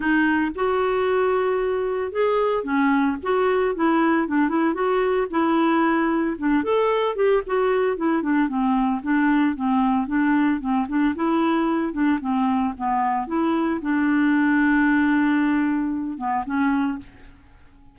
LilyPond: \new Staff \with { instrumentName = "clarinet" } { \time 4/4 \tempo 4 = 113 dis'4 fis'2. | gis'4 cis'4 fis'4 e'4 | d'8 e'8 fis'4 e'2 | d'8 a'4 g'8 fis'4 e'8 d'8 |
c'4 d'4 c'4 d'4 | c'8 d'8 e'4. d'8 c'4 | b4 e'4 d'2~ | d'2~ d'8 b8 cis'4 | }